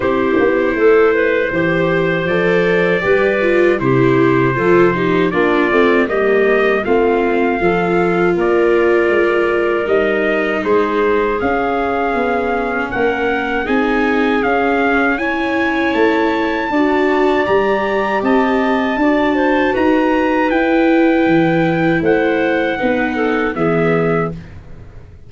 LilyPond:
<<
  \new Staff \with { instrumentName = "trumpet" } { \time 4/4 \tempo 4 = 79 c''2. d''4~ | d''4 c''2 d''4 | dis''4 f''2 d''4~ | d''4 dis''4 c''4 f''4~ |
f''4 fis''4 gis''4 f''4 | gis''4 a''2 ais''4 | a''2 ais''4 g''4~ | g''4 fis''2 e''4 | }
  \new Staff \with { instrumentName = "clarinet" } { \time 4/4 g'4 a'8 b'8 c''2 | b'4 g'4 a'8 g'8 f'4 | g'4 f'4 a'4 ais'4~ | ais'2 gis'2~ |
gis'4 ais'4 gis'2 | cis''2 d''2 | dis''4 d''8 c''8 b'2~ | b'4 c''4 b'8 a'8 gis'4 | }
  \new Staff \with { instrumentName = "viola" } { \time 4/4 e'2 g'4 a'4 | g'8 f'8 e'4 f'8 dis'8 d'8 c'8 | ais4 c'4 f'2~ | f'4 dis'2 cis'4~ |
cis'2 dis'4 cis'4 | e'2 fis'4 g'4~ | g'4 fis'2 e'4~ | e'2 dis'4 b4 | }
  \new Staff \with { instrumentName = "tuba" } { \time 4/4 c'8 b8 a4 e4 f4 | g4 c4 f4 ais8 a8 | g4 a4 f4 ais4 | gis4 g4 gis4 cis'4 |
b4 ais4 c'4 cis'4~ | cis'4 a4 d'4 g4 | c'4 d'4 dis'4 e'4 | e4 a4 b4 e4 | }
>>